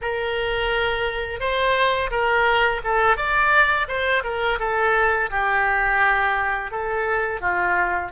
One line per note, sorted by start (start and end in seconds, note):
0.01 1.39 A#4
1.39 2.10 C5
2.10 2.81 A#4
2.84 3.16 A4
3.16 3.87 D5
3.88 4.23 C5
4.23 4.59 A#4
4.59 5.29 A4
5.30 6.71 G4
6.71 7.41 A4
7.41 8.11 F4